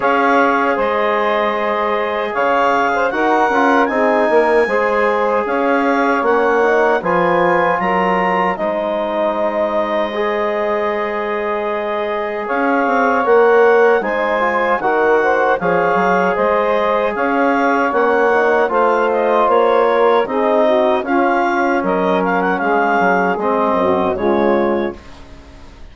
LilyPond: <<
  \new Staff \with { instrumentName = "clarinet" } { \time 4/4 \tempo 4 = 77 f''4 dis''2 f''4 | fis''4 gis''2 f''4 | fis''4 gis''4 ais''4 dis''4~ | dis''1 |
f''4 fis''4 gis''4 fis''4 | f''4 dis''4 f''4 fis''4 | f''8 dis''8 cis''4 dis''4 f''4 | dis''8 f''16 fis''16 f''4 dis''4 cis''4 | }
  \new Staff \with { instrumentName = "saxophone" } { \time 4/4 cis''4 c''2 cis''8. c''16 | ais'4 gis'8 ais'8 c''4 cis''4~ | cis''4 b'4 ais'4 c''4~ | c''1 |
cis''2 c''4 ais'8 c''8 | cis''4 c''4 cis''2 | c''4. ais'8 gis'8 fis'8 f'4 | ais'4 gis'4. fis'8 f'4 | }
  \new Staff \with { instrumentName = "trombone" } { \time 4/4 gis'1 | fis'8 f'8 dis'4 gis'2 | cis'8 dis'8 f'2 dis'4~ | dis'4 gis'2.~ |
gis'4 ais'4 dis'8 f'8 fis'4 | gis'2. cis'8 dis'8 | f'2 dis'4 cis'4~ | cis'2 c'4 gis4 | }
  \new Staff \with { instrumentName = "bassoon" } { \time 4/4 cis'4 gis2 cis4 | dis'8 cis'8 c'8 ais8 gis4 cis'4 | ais4 f4 fis4 gis4~ | gis1 |
cis'8 c'8 ais4 gis4 dis4 | f8 fis8 gis4 cis'4 ais4 | a4 ais4 c'4 cis'4 | fis4 gis8 fis8 gis8 fis,8 cis4 | }
>>